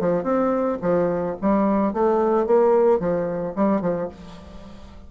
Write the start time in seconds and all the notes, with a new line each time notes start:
0.00 F3
0.23 C4
0.82 F3
1.41 G3
1.93 A3
2.46 A#3
3.00 F3
3.56 G3
3.81 F3